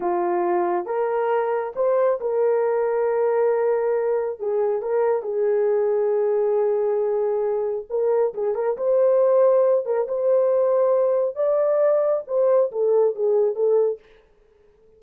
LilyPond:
\new Staff \with { instrumentName = "horn" } { \time 4/4 \tempo 4 = 137 f'2 ais'2 | c''4 ais'2.~ | ais'2 gis'4 ais'4 | gis'1~ |
gis'2 ais'4 gis'8 ais'8 | c''2~ c''8 ais'8 c''4~ | c''2 d''2 | c''4 a'4 gis'4 a'4 | }